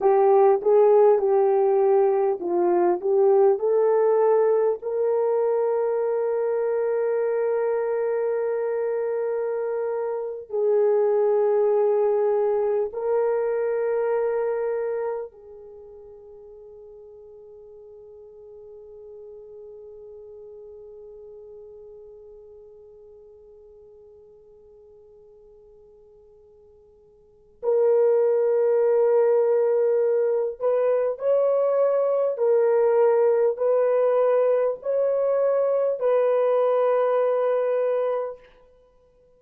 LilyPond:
\new Staff \with { instrumentName = "horn" } { \time 4/4 \tempo 4 = 50 g'8 gis'8 g'4 f'8 g'8 a'4 | ais'1~ | ais'8. gis'2 ais'4~ ais'16~ | ais'8. gis'2.~ gis'16~ |
gis'1~ | gis'2. ais'4~ | ais'4. b'8 cis''4 ais'4 | b'4 cis''4 b'2 | }